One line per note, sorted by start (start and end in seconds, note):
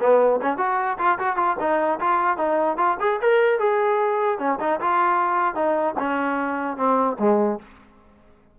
0.00 0.40 B3
0.41 0.57 C#4
0.57 0.97 F#4
0.98 1.18 F4
1.18 1.36 F#4
1.36 1.56 F4
1.59 1.99 D#4
1.99 2.37 F4
2.37 2.77 D#4
2.77 2.97 F4
3.00 3.20 G#4
3.21 3.59 A#4
3.59 4.38 G#4
4.38 4.58 C#4
4.59 4.79 D#4
4.80 5.54 F4
5.54 5.94 D#4
5.98 6.77 C#4
6.77 7.17 C4
7.19 7.59 G#3